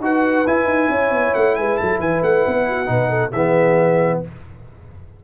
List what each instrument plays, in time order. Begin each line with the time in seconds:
0.00 tuba D#4, trombone F#4, horn B4, trumpet F#5
0.47 tuba E4, trombone E4, trumpet G#5
0.66 tuba D#4
0.89 tuba C#4, horn C#5
1.11 tuba B3
1.34 tuba A3, trumpet F#5
1.55 tuba G#3, horn B4, trumpet G#5
1.77 tuba F#3, horn A4, trumpet A5
1.99 tuba E3, horn B4, trumpet G#5
2.22 tuba A3, trumpet F#5
2.47 tuba B3
2.68 horn F#4
2.86 tuba B2, trombone D#4, horn B4
3.09 horn A4
3.31 tuba E3, trombone B3, horn G#4, trumpet E5